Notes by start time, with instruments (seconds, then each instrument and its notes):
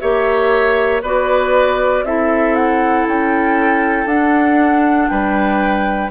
0.00 bassoon A#3, clarinet G4, oboe C#5, flute E5
1.02 bassoon B3, clarinet F#4, oboe B4, flute D5
2.04 bassoon C4, clarinet E4, oboe A4, flute E5
2.55 flute F#5
3.07 bassoon C#4, flute G5
4.06 bassoon D4, clarinet D4, flute F#5
5.08 bassoon G3, oboe B4, flute G5